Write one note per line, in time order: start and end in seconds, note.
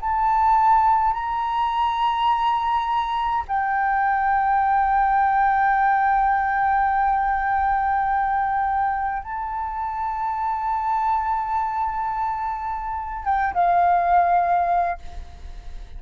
0.00 1.13 A5
1.13 3.44 A#5
3.48 9.23 G5
9.23 13.24 A5
13.24 13.53 G5
13.54 14.98 F5